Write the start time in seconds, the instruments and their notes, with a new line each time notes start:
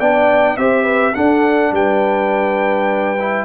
0.00 tuba B3, trombone D4, horn D5, trumpet G5
0.57 tuba C4, trombone G4, horn C5, trumpet E5
0.84 horn B4
1.15 trombone D4, tuba D4, horn A4, trumpet F#5
1.72 tuba G3, horn B4, trumpet G5
3.20 trombone E4